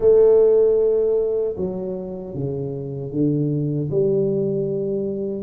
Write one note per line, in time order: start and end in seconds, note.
0.00 1.55 A3
1.57 2.34 F#3
2.34 3.11 C#3
3.11 3.89 D3
3.90 5.43 G3